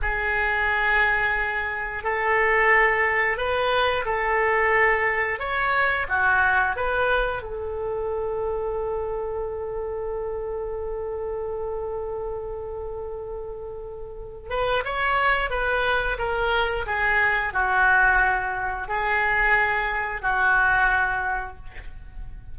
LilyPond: \new Staff \with { instrumentName = "oboe" } { \time 4/4 \tempo 4 = 89 gis'2. a'4~ | a'4 b'4 a'2 | cis''4 fis'4 b'4 a'4~ | a'1~ |
a'1~ | a'4. b'8 cis''4 b'4 | ais'4 gis'4 fis'2 | gis'2 fis'2 | }